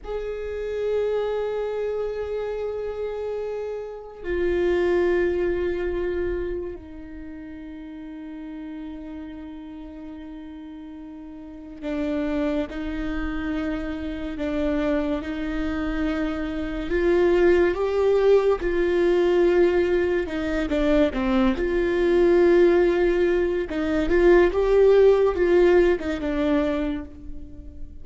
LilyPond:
\new Staff \with { instrumentName = "viola" } { \time 4/4 \tempo 4 = 71 gis'1~ | gis'4 f'2. | dis'1~ | dis'2 d'4 dis'4~ |
dis'4 d'4 dis'2 | f'4 g'4 f'2 | dis'8 d'8 c'8 f'2~ f'8 | dis'8 f'8 g'4 f'8. dis'16 d'4 | }